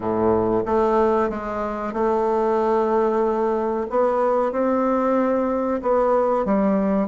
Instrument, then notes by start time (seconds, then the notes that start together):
bassoon
0.00 A2
0.65 A3
1.29 G#3
1.93 A3
3.89 B3
4.52 C4
5.82 B3
6.45 G3